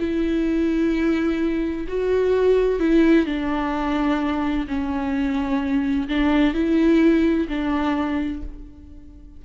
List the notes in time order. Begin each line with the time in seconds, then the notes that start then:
0.00 E4
1.88 F#4
2.80 E4
3.26 D4
4.68 C#4
6.09 D4
6.54 E4
7.49 D4